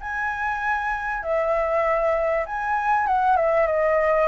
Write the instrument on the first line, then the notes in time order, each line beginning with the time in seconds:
flute
0.00 G#5
1.22 E5
2.46 G#5
3.07 F#5
3.36 E5
3.67 D#5